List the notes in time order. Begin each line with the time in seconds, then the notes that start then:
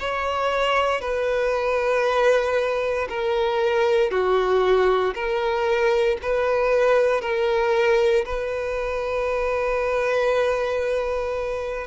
0.00 C#5
1.02 B4
3.10 A#4
4.11 F#4
5.15 A#4
6.23 B4
7.22 A#4
8.26 B4